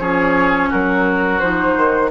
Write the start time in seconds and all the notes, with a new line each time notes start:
0.00 F3 C#4 G#4 C#5
0.70 F#3 F#4 A#4
1.39 F3 D#4 C5
1.77 D#3